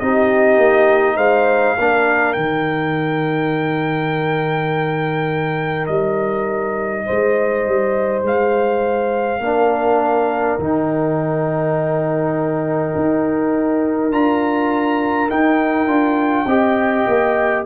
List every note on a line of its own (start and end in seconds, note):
0.00 0.57 C4
0.00 1.77 D#4
0.00 1.16 G4
0.00 1.17 D#5
0.57 1.16 A#3
1.16 1.75 G#3
1.16 1.75 C5
1.16 2.33 F5
1.77 2.37 A#3
1.77 2.35 D4
1.77 7.06 A#4
2.33 5.88 D#3
2.33 9.41 D#4
2.33 5.86 G5
5.86 7.06 G3
5.86 8.22 D#5
7.06 7.67 G#3
7.06 9.41 C5
7.67 8.23 G3
8.23 9.39 G#3
8.23 10.60 F5
9.39 10.57 A#3
9.39 10.60 D4
9.39 16.47 A#4
10.58 12.94 D#3
10.58 14.12 D#4
10.58 14.12 G5
12.95 14.11 D#4
14.11 15.28 D4
14.11 15.29 F4
14.11 15.30 A#5
15.29 15.87 D#4
15.29 15.86 D#4
15.29 17.65 G5
15.86 16.45 D4
15.86 16.46 F4
16.46 17.05 C4
16.46 17.66 G4
16.46 17.64 D#5
17.07 17.65 A#3